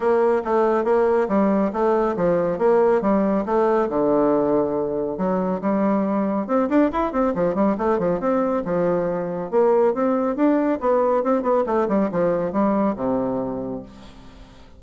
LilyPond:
\new Staff \with { instrumentName = "bassoon" } { \time 4/4 \tempo 4 = 139 ais4 a4 ais4 g4 | a4 f4 ais4 g4 | a4 d2. | fis4 g2 c'8 d'8 |
e'8 c'8 f8 g8 a8 f8 c'4 | f2 ais4 c'4 | d'4 b4 c'8 b8 a8 g8 | f4 g4 c2 | }